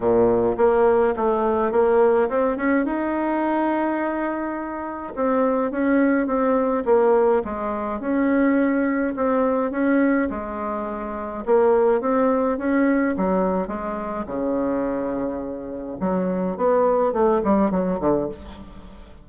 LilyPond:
\new Staff \with { instrumentName = "bassoon" } { \time 4/4 \tempo 4 = 105 ais,4 ais4 a4 ais4 | c'8 cis'8 dis'2.~ | dis'4 c'4 cis'4 c'4 | ais4 gis4 cis'2 |
c'4 cis'4 gis2 | ais4 c'4 cis'4 fis4 | gis4 cis2. | fis4 b4 a8 g8 fis8 d8 | }